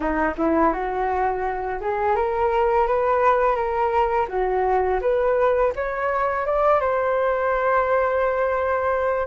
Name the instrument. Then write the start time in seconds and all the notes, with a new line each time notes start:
flute
0.00 D#4
0.37 E4
0.72 F#4
1.80 G#4
2.15 A#4
2.87 B4
3.55 A#4
4.28 F#4
5.01 B4
5.75 C#5
6.45 D5
6.80 C5